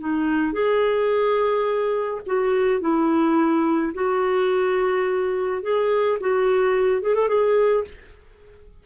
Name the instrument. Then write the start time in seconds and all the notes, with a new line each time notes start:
clarinet
0.00 D#4
0.53 G#4
2.26 F#4
2.81 E4
3.94 F#4
5.62 G#4
6.20 F#4
7.02 G#4
7.15 A4
7.28 G#4